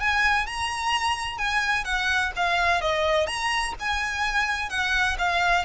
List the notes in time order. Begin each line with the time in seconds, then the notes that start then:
0.00 G#5
0.47 A#5
1.38 G#5
1.85 F#5
2.36 F5
2.82 D#5
3.27 A#5
3.80 G#5
4.70 F#5
5.19 F5